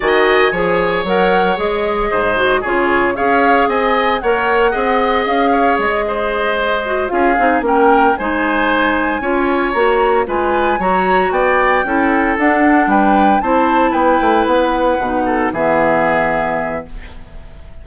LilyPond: <<
  \new Staff \with { instrumentName = "flute" } { \time 4/4 \tempo 4 = 114 gis''2 fis''4 dis''4~ | dis''4 cis''4 f''4 gis''4 | fis''2 f''4 dis''4~ | dis''4. f''4 g''4 gis''8~ |
gis''2~ gis''8 ais''4 gis''8~ | gis''8 ais''4 g''2 fis''8~ | fis''8 g''4 a''4 g''4 fis''8~ | fis''4. e''2~ e''8 | }
  \new Staff \with { instrumentName = "oboe" } { \time 4/4 dis''4 cis''2. | c''4 gis'4 cis''4 dis''4 | cis''4 dis''4. cis''4 c''8~ | c''4. gis'4 ais'4 c''8~ |
c''4. cis''2 b'8~ | b'8 cis''4 d''4 a'4.~ | a'8 b'4 c''4 b'4.~ | b'4 a'8 gis'2~ gis'8 | }
  \new Staff \with { instrumentName = "clarinet" } { \time 4/4 fis'4 gis'4 ais'4 gis'4~ | gis'8 fis'8 f'4 gis'2 | ais'4 gis'2.~ | gis'4 fis'8 f'8 dis'8 cis'4 dis'8~ |
dis'4. f'4 fis'4 f'8~ | f'8 fis'2 e'4 d'8~ | d'4. e'2~ e'8~ | e'8 dis'4 b2~ b8 | }
  \new Staff \with { instrumentName = "bassoon" } { \time 4/4 dis4 f4 fis4 gis4 | gis,4 cis4 cis'4 c'4 | ais4 c'4 cis'4 gis4~ | gis4. cis'8 c'8 ais4 gis8~ |
gis4. cis'4 ais4 gis8~ | gis8 fis4 b4 cis'4 d'8~ | d'8 g4 c'4 b8 a8 b8~ | b8 b,4 e2~ e8 | }
>>